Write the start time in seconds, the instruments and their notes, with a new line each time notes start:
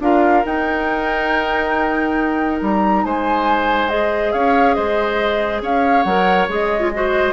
0.00 bassoon D4, clarinet F4, oboe A#4, flute F5
0.45 clarinet D#4, bassoon D#4, flute G5
2.62 bassoon G3, flute A#5
3.04 bassoon G#3, oboe C5, flute G#5
3.89 clarinet G#4, flute D#5
4.32 bassoon C#4, oboe C#5, flute F5
4.74 bassoon G#3, oboe C5, flute D#5
5.62 bassoon C#4, oboe C#5, flute F5
6.03 bassoon F#3, clarinet A#4, flute F#5
6.49 bassoon G#3, clarinet G#4, flute D#5
6.80 clarinet F4
6.94 clarinet F#4, oboe C5